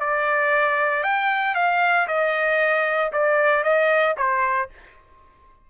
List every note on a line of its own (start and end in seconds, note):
0.00 1.03 D5
1.03 1.55 G5
1.55 2.07 F5
2.08 3.12 D#5
3.12 3.64 D5
3.64 4.16 D#5
4.17 4.70 C5